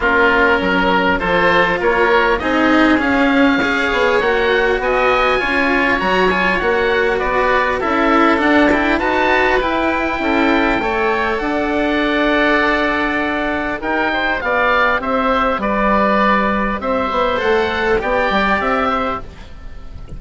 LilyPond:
<<
  \new Staff \with { instrumentName = "oboe" } { \time 4/4 \tempo 4 = 100 ais'2 c''4 cis''4 | dis''4 f''2 fis''4 | gis''2 ais''8 gis''8 fis''4 | d''4 e''4 fis''8 g''8 a''4 |
g''2. fis''4~ | fis''2. g''4 | f''4 e''4 d''2 | e''4 fis''4 g''4 e''4 | }
  \new Staff \with { instrumentName = "oboe" } { \time 4/4 f'4 ais'4 a'4 ais'4 | gis'2 cis''2 | dis''4 cis''2. | b'4 a'2 b'4~ |
b'4 a'4 cis''4 d''4~ | d''2. ais'8 c''8 | d''4 c''4 b'2 | c''2 d''4. c''8 | }
  \new Staff \with { instrumentName = "cello" } { \time 4/4 cis'2 f'2 | dis'4 cis'4 gis'4 fis'4~ | fis'4 f'4 fis'8 f'8 fis'4~ | fis'4 e'4 d'8 e'8 fis'4 |
e'2 a'2~ | a'2. g'4~ | g'1~ | g'4 a'4 g'2 | }
  \new Staff \with { instrumentName = "bassoon" } { \time 4/4 ais4 fis4 f4 ais4 | c'4 cis'4. b8 ais4 | b4 cis'4 fis4 ais4 | b4 cis'4 d'4 dis'4 |
e'4 cis'4 a4 d'4~ | d'2. dis'4 | b4 c'4 g2 | c'8 b8 a4 b8 g8 c'4 | }
>>